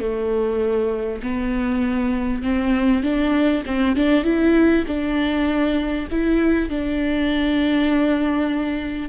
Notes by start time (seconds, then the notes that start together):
0.00 A3
1.23 B3
2.43 C4
3.03 D4
3.66 C4
3.96 D4
4.24 E4
4.87 D4
6.11 E4
6.69 D4